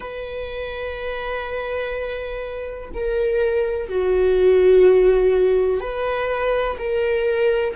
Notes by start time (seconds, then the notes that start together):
0.00 B4
2.94 A#4
3.88 F#4
5.80 B4
6.78 A#4